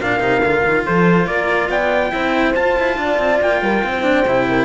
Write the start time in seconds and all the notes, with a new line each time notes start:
0.00 A#2 D4 A#4 F5
0.19 C3 D#4
0.42 D3 F4
0.65 D#3
0.85 F3 A4 C5
1.27 A#3 A#4 D5
1.69 B3 D5 G5
2.12 C4 E4 C5
2.55 F4 A5
2.79 E4
2.97 D4 D5
3.18 C4
3.41 A#3 G5
3.62 G3 A#4
3.84 C4 C5
4.03 D4
4.26 C3 E4
4.49 A#4